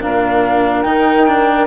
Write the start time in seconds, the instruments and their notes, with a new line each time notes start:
0.00 bassoon A#2, cello D4, saxophone A#4, flute F5
0.82 bassoon D#3, cello D#4, flute G5
1.27 cello D4